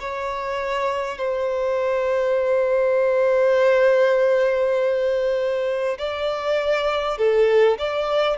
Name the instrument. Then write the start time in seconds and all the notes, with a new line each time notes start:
violin
0.00 C#5
1.18 C5
5.98 D5
7.17 A4
7.78 D5